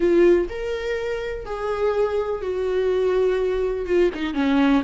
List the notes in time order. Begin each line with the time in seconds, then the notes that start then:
0.00 F4
0.49 A#4
1.45 G#4
2.41 F#4
3.86 F4
4.14 D#4
4.34 C#4